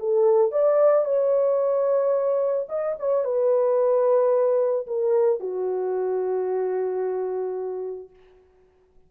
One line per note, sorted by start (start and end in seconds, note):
0.00 0.52 A4
0.52 1.05 D5
1.05 2.67 C#5
2.69 2.96 D#5
3.00 3.25 C#5
3.25 4.87 B4
4.87 5.40 A#4
5.40 8.11 F#4